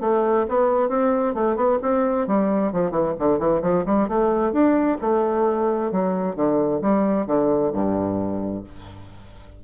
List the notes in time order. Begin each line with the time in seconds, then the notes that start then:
0.00 A3
0.48 B3
0.89 C4
1.34 A3
1.56 B3
1.82 C4
2.27 G3
2.72 F3
2.90 E3
3.18 D3
3.38 E3
3.62 F3
3.85 G3
4.08 A3
4.52 D4
5.01 A3
5.91 F#3
6.35 D3
6.81 G3
7.26 D3
7.73 G2